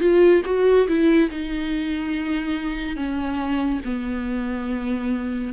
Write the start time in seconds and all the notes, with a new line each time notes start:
0.00 F4
0.45 F#4
0.88 E4
1.31 D#4
2.97 C#4
3.85 B3